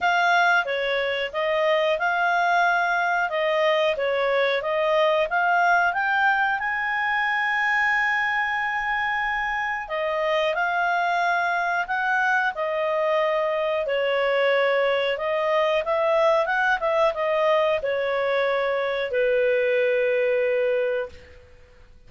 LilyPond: \new Staff \with { instrumentName = "clarinet" } { \time 4/4 \tempo 4 = 91 f''4 cis''4 dis''4 f''4~ | f''4 dis''4 cis''4 dis''4 | f''4 g''4 gis''2~ | gis''2. dis''4 |
f''2 fis''4 dis''4~ | dis''4 cis''2 dis''4 | e''4 fis''8 e''8 dis''4 cis''4~ | cis''4 b'2. | }